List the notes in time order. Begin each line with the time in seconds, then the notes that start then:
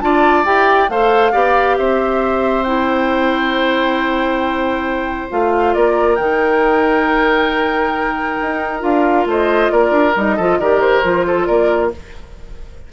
0.00 D4 F4 D5 A5
0.44 E4 G4 G5
0.89 A3 A4 C5 F5
1.32 B3 G4 D5
1.77 C4 C5 E5
2.63 E4 G5
5.30 A3 F4 F5
5.73 A#3 A#4 D5
6.15 D#3 D#4 G5
8.41 D#4
8.80 D4 F4 F5
9.25 A3 C5 D#5
9.70 A#3 A#4 D5
9.90 D4
10.16 G3 D#4 D#5
10.35 F3 F4 A4
10.58 D#3 G4 A#4 D5
10.80 C5
11.03 F3 F4
11.26 A4
11.46 A#3 A#4 D5